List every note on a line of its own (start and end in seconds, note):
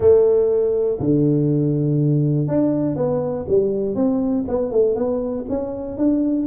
0.00 0.98 A3
0.99 2.47 D3
2.47 2.96 D4
2.96 3.45 B3
3.48 3.95 G3
3.95 4.44 C4
4.47 4.71 B3
4.71 4.95 A3
4.95 5.45 B3
5.49 5.97 C#4
5.97 6.46 D4